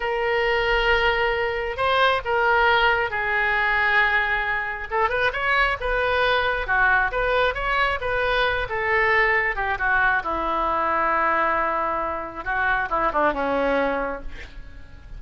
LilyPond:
\new Staff \with { instrumentName = "oboe" } { \time 4/4 \tempo 4 = 135 ais'1 | c''4 ais'2 gis'4~ | gis'2. a'8 b'8 | cis''4 b'2 fis'4 |
b'4 cis''4 b'4. a'8~ | a'4. g'8 fis'4 e'4~ | e'1 | fis'4 e'8 d'8 cis'2 | }